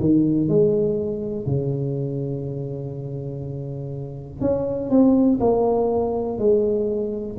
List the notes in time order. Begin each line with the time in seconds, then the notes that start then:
0.00 D#3
0.48 G#3
1.46 C#3
4.41 C#4
4.90 C4
5.40 A#3
6.38 G#3